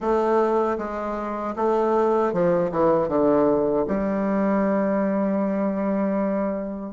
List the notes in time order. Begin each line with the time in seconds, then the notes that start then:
0.00 A3
0.77 G#3
1.56 A3
2.32 F3
2.71 E3
3.08 D3
3.87 G3